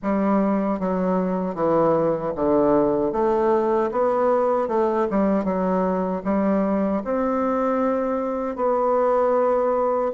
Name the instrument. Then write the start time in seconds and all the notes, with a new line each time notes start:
bassoon
0.02 G3
0.79 F#3
1.54 E3
2.35 D3
3.12 A3
3.91 B3
4.68 A3
5.10 G3
5.44 F#3
6.24 G3
7.04 C4
8.55 B3